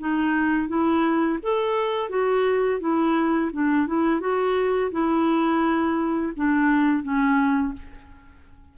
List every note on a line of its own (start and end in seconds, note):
0.00 0.68 D#4
0.68 1.39 E4
1.43 2.10 A4
2.10 2.80 F#4
2.81 3.51 E4
3.53 3.87 D4
3.87 4.21 E4
4.21 4.91 F#4
4.92 6.33 E4
6.37 7.03 D4
7.03 7.74 C#4